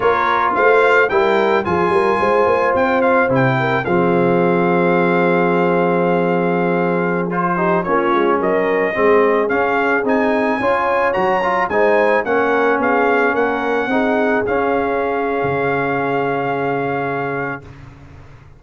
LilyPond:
<<
  \new Staff \with { instrumentName = "trumpet" } { \time 4/4 \tempo 4 = 109 cis''4 f''4 g''4 gis''4~ | gis''4 g''8 f''8 g''4 f''4~ | f''1~ | f''4~ f''16 c''4 cis''4 dis''8.~ |
dis''4~ dis''16 f''4 gis''4.~ gis''16~ | gis''16 ais''4 gis''4 fis''4 f''8.~ | f''16 fis''2 f''4.~ f''16~ | f''1 | }
  \new Staff \with { instrumentName = "horn" } { \time 4/4 ais'4 c''4 ais'4 gis'8 ais'8 | c''2~ c''8 ais'8 gis'4~ | gis'1~ | gis'4.~ gis'16 g'8 f'4 ais'8.~ |
ais'16 gis'2. cis''8.~ | cis''4~ cis''16 c''4 ais'4 gis'8.~ | gis'16 ais'4 gis'2~ gis'8.~ | gis'1 | }
  \new Staff \with { instrumentName = "trombone" } { \time 4/4 f'2 e'4 f'4~ | f'2 e'4 c'4~ | c'1~ | c'4~ c'16 f'8 dis'8 cis'4.~ cis'16~ |
cis'16 c'4 cis'4 dis'4 f'8.~ | f'16 fis'8 f'8 dis'4 cis'4.~ cis'16~ | cis'4~ cis'16 dis'4 cis'4.~ cis'16~ | cis'1 | }
  \new Staff \with { instrumentName = "tuba" } { \time 4/4 ais4 a4 g4 f8 g8 | gis8 ais8 c'4 c4 f4~ | f1~ | f2~ f16 ais8 gis8 fis8.~ |
fis16 gis4 cis'4 c'4 cis'8.~ | cis'16 fis4 gis4 ais4 b8.~ | b16 ais4 c'4 cis'4.~ cis'16 | cis1 | }
>>